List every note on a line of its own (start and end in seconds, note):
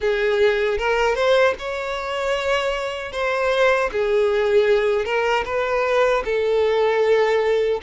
0.00 0.78 G#4
0.78 1.15 A#4
1.15 1.54 C5
1.58 3.12 C#5
3.12 3.90 C5
3.92 5.05 G#4
5.05 5.44 A#4
5.45 6.23 B4
6.24 7.80 A4